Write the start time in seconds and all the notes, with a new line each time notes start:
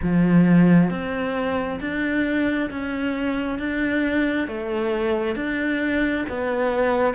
0.02 F3
0.90 C4
1.80 D4
2.70 C#4
3.59 D4
4.47 A3
5.35 D4
6.28 B3